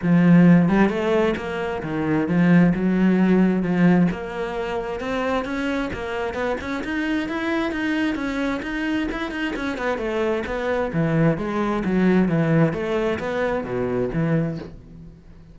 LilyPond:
\new Staff \with { instrumentName = "cello" } { \time 4/4 \tempo 4 = 132 f4. g8 a4 ais4 | dis4 f4 fis2 | f4 ais2 c'4 | cis'4 ais4 b8 cis'8 dis'4 |
e'4 dis'4 cis'4 dis'4 | e'8 dis'8 cis'8 b8 a4 b4 | e4 gis4 fis4 e4 | a4 b4 b,4 e4 | }